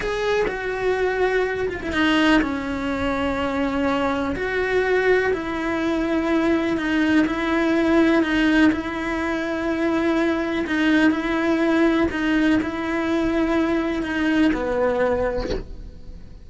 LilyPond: \new Staff \with { instrumentName = "cello" } { \time 4/4 \tempo 4 = 124 gis'4 fis'2~ fis'8 f'16 e'16 | dis'4 cis'2.~ | cis'4 fis'2 e'4~ | e'2 dis'4 e'4~ |
e'4 dis'4 e'2~ | e'2 dis'4 e'4~ | e'4 dis'4 e'2~ | e'4 dis'4 b2 | }